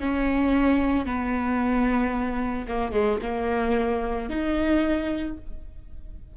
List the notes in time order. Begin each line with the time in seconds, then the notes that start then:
0.00 C#4
1.06 B3
2.68 A#3
2.92 G#3
3.22 A#3
4.30 D#4